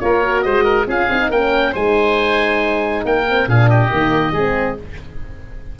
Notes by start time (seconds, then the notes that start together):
0.00 A#3 F4 A#4 C#5
0.22 F#4
0.42 G#3 C5 D#5
0.64 A#4
0.87 C#4 F4 G#4 F5
1.10 C4 D#4
1.30 A#3 C#4 A#4 G5
1.72 G#3 D#4 C5 G#5
3.05 A#3 A#4 G5
3.29 C4
3.47 A#2 D4 G#4 F5
3.70 G4 D#5
3.91 D#3 A#3
4.32 G#3 C4 G#4